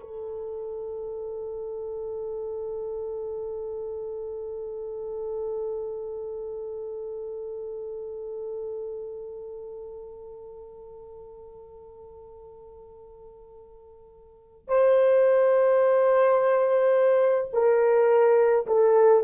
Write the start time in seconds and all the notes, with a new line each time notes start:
0.00 A4
14.68 C5
17.53 A#4
18.67 A4